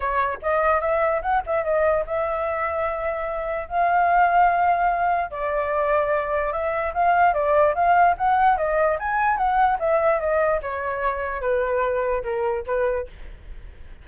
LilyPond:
\new Staff \with { instrumentName = "flute" } { \time 4/4 \tempo 4 = 147 cis''4 dis''4 e''4 fis''8 e''8 | dis''4 e''2.~ | e''4 f''2.~ | f''4 d''2. |
e''4 f''4 d''4 f''4 | fis''4 dis''4 gis''4 fis''4 | e''4 dis''4 cis''2 | b'2 ais'4 b'4 | }